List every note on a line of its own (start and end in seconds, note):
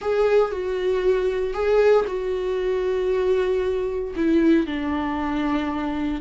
0.01 0.51 G#4
0.51 1.53 F#4
1.53 2.05 G#4
2.07 4.14 F#4
4.15 4.66 E4
4.66 6.21 D4